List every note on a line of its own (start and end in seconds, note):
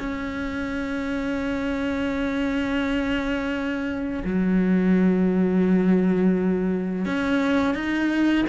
0.00 4.24 C#4
4.25 7.06 F#3
7.06 7.75 C#4
7.75 8.45 D#4